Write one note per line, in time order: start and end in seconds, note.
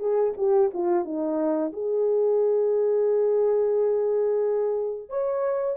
0.00 0.34 G#4
0.38 0.71 G4
0.74 1.05 F4
1.05 1.73 D#4
1.73 5.10 G#4
5.10 5.77 C#5